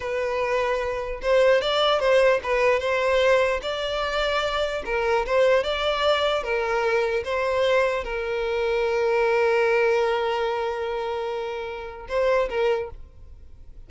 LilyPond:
\new Staff \with { instrumentName = "violin" } { \time 4/4 \tempo 4 = 149 b'2. c''4 | d''4 c''4 b'4 c''4~ | c''4 d''2. | ais'4 c''4 d''2 |
ais'2 c''2 | ais'1~ | ais'1~ | ais'2 c''4 ais'4 | }